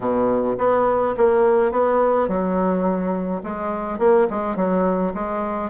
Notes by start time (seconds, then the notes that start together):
0.00 B2
0.58 B3
1.17 A#3
1.71 B3
2.28 F#3
3.43 G#3
3.98 A#3
4.30 G#3
4.56 F#3
5.14 G#3